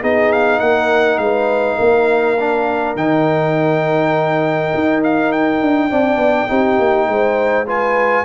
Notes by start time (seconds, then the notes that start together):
0.00 B3 D#4 G#4 D#5
0.32 F5
0.59 A#3 A#4 F#5
1.18 G#3 B4 F5
1.77 A#3 A#4
2.40 D4
2.96 D#3 D#4 G5
4.74 D#4
5.03 F5
5.32 G5
5.61 D4
5.90 C4 D4 D5
6.16 B3
6.48 C4 D#4 G4
6.79 A#3
7.08 G#3 C5
7.66 F4 B4 G#5